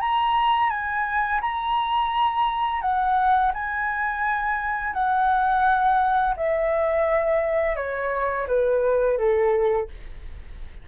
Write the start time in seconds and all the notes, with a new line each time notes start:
0.00 A#5
0.70 G#5
1.41 A#5
2.81 F#5
3.54 G#5
4.93 F#5
6.36 E5
7.76 C#5
8.47 B4
9.17 A4